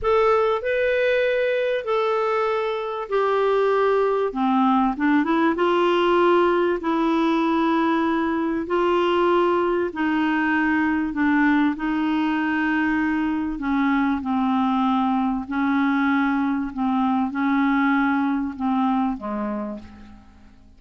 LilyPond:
\new Staff \with { instrumentName = "clarinet" } { \time 4/4 \tempo 4 = 97 a'4 b'2 a'4~ | a'4 g'2 c'4 | d'8 e'8 f'2 e'4~ | e'2 f'2 |
dis'2 d'4 dis'4~ | dis'2 cis'4 c'4~ | c'4 cis'2 c'4 | cis'2 c'4 gis4 | }